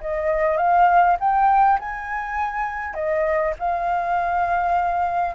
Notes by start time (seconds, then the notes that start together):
0.00 D#5
0.57 F5
1.19 G5
1.79 G#5
2.94 D#5
3.59 F5